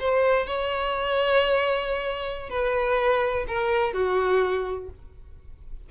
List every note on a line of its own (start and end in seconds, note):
0.00 0.47 C5
0.47 2.50 C#5
2.50 3.46 B4
3.48 3.94 A#4
3.94 4.90 F#4